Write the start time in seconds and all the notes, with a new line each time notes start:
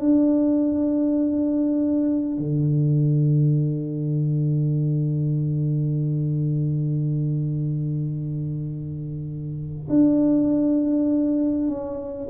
0.00 D4
2.39 D3
9.90 D4
11.68 C#4